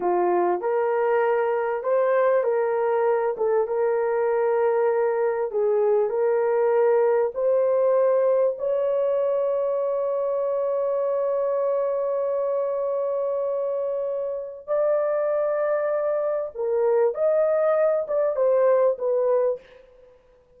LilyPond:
\new Staff \with { instrumentName = "horn" } { \time 4/4 \tempo 4 = 98 f'4 ais'2 c''4 | ais'4. a'8 ais'2~ | ais'4 gis'4 ais'2 | c''2 cis''2~ |
cis''1~ | cis''1 | d''2. ais'4 | dis''4. d''8 c''4 b'4 | }